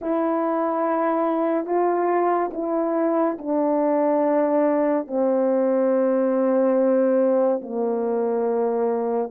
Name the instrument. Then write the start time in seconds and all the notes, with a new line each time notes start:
horn
0.01 E4
1.66 F4
2.53 E4
3.38 D4
5.07 C4
7.61 A#3